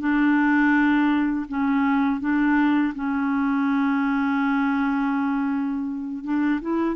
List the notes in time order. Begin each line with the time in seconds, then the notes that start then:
0.00 D4
1.49 C#4
2.21 D4
2.95 C#4
6.24 D4
6.62 E4